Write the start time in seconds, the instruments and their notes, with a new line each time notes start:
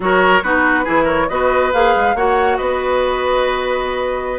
0.00 bassoon F#3, clarinet F#4, oboe A#4, flute C#5
0.42 bassoon B3, clarinet D#4, oboe F#4, flute B4
0.84 bassoon E3, clarinet E4, oboe G#4
1.04 oboe A#4, flute C#5
1.29 bassoon B3, clarinet F#4, oboe B4, flute D#5
1.73 bassoon A#3, clarinet G#4, flute F5
1.95 bassoon G#3
2.14 bassoon A#3, clarinet F#4, oboe C#5, flute F#5
2.57 bassoon B3, oboe B4, flute D#5